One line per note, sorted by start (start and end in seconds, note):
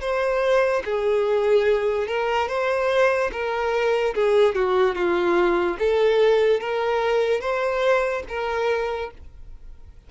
0.00 0.82 C5
0.85 2.07 G#4
2.07 2.48 A#4
2.48 3.30 C5
3.32 4.14 A#4
4.14 4.55 G#4
4.55 4.94 F#4
4.94 5.76 F4
5.79 6.60 A4
6.60 7.40 A#4
7.40 8.23 C5
8.28 9.10 A#4